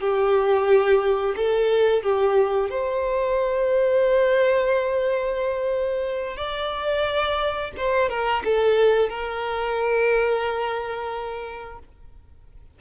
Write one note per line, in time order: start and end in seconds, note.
0.00 1.35 G4
1.36 2.03 A4
2.03 2.70 G4
2.70 6.37 C5
6.37 7.72 D5
7.77 8.09 C5
8.09 8.43 A#4
8.45 9.09 A4
9.09 11.79 A#4